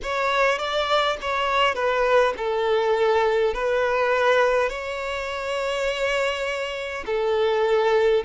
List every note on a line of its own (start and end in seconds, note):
0.03 0.58 C#5
0.58 1.17 D5
1.21 1.74 C#5
1.74 2.33 B4
2.37 3.53 A4
3.53 4.68 B4
4.68 7.04 C#5
7.06 8.24 A4